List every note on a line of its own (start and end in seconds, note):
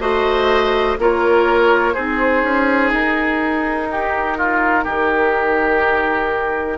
0.00 0.97 A3
0.00 0.97 F#4
0.00 0.98 C5
0.00 0.97 D#5
0.99 1.96 A#3
0.99 1.94 F4
0.99 1.94 A#4
0.99 1.95 C#5
1.94 2.43 C4
1.94 6.78 D#4
1.94 3.87 G#4
1.94 2.91 C5
2.43 2.92 C#4
2.92 4.85 D#4
2.92 6.78 A#4
3.91 4.38 G4
4.38 4.84 F4
4.84 6.78 D#3
4.84 6.78 G4